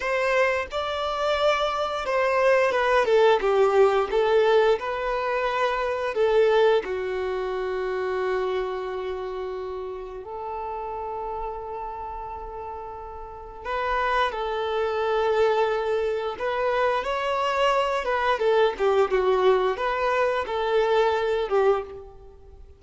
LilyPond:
\new Staff \with { instrumentName = "violin" } { \time 4/4 \tempo 4 = 88 c''4 d''2 c''4 | b'8 a'8 g'4 a'4 b'4~ | b'4 a'4 fis'2~ | fis'2. a'4~ |
a'1 | b'4 a'2. | b'4 cis''4. b'8 a'8 g'8 | fis'4 b'4 a'4. g'8 | }